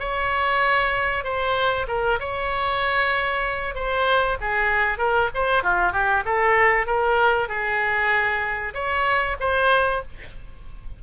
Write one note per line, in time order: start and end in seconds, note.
0.00 1.24 C#5
1.24 1.87 C5
1.88 2.19 A#4
2.20 3.75 C#5
3.75 4.38 C5
4.41 4.98 G#4
4.98 5.29 A#4
5.34 5.63 C5
5.63 5.93 F4
5.93 6.24 G4
6.26 6.87 A4
6.87 7.49 A#4
7.49 8.74 G#4
8.74 9.37 C#5
9.40 10.03 C5